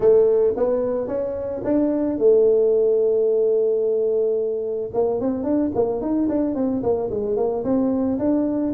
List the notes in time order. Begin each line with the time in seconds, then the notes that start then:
0.00 A3
0.56 B3
1.07 C#4
1.63 D4
2.18 A3
4.93 A#3
5.20 C4
5.43 D4
5.74 A#3
6.01 D#4
6.29 D4
6.55 C4
6.82 A#3
7.10 G#3
7.36 A#3
7.64 C4
8.18 D4